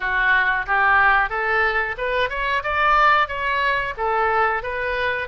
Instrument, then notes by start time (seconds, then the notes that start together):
oboe
0.00 F#4
0.66 G4
1.29 A4
1.98 B4
2.29 C#5
2.63 D5
3.28 C#5
3.97 A4
4.62 B4